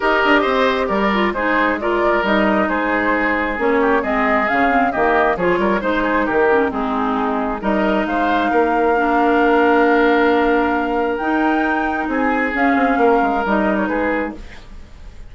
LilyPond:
<<
  \new Staff \with { instrumentName = "flute" } { \time 4/4 \tempo 4 = 134 dis''2 d''4 c''4 | d''4 dis''4 c''2 | cis''4 dis''4 f''4 dis''4 | cis''4 c''4 ais'4 gis'4~ |
gis'4 dis''4 f''2~ | f''1~ | f''4 g''2 gis''4 | f''2 dis''8. cis''16 b'4 | }
  \new Staff \with { instrumentName = "oboe" } { \time 4/4 ais'4 c''4 ais'4 gis'4 | ais'2 gis'2~ | gis'8 g'8 gis'2 g'4 | gis'8 ais'8 c''8 gis'8 g'4 dis'4~ |
dis'4 ais'4 c''4 ais'4~ | ais'1~ | ais'2. gis'4~ | gis'4 ais'2 gis'4 | }
  \new Staff \with { instrumentName = "clarinet" } { \time 4/4 g'2~ g'8 f'8 dis'4 | f'4 dis'2. | cis'4 c'4 cis'8 c'8 ais4 | f'4 dis'4. cis'8 c'4~ |
c'4 dis'2. | d'1~ | d'4 dis'2. | cis'2 dis'2 | }
  \new Staff \with { instrumentName = "bassoon" } { \time 4/4 dis'8 d'8 c'4 g4 gis4~ | gis4 g4 gis2 | ais4 gis4 cis4 dis4 | f8 g8 gis4 dis4 gis4~ |
gis4 g4 gis4 ais4~ | ais1~ | ais4 dis'2 c'4 | cis'8 c'8 ais8 gis8 g4 gis4 | }
>>